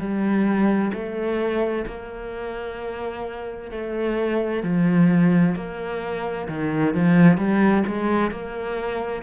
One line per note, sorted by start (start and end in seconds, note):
0.00 0.92 G3
0.94 1.86 A3
1.87 3.71 A#3
3.71 4.63 A3
4.63 5.56 F3
5.56 6.48 A#3
6.48 6.94 D#3
6.94 7.38 F3
7.38 7.84 G3
7.88 8.32 G#3
8.32 9.23 A#3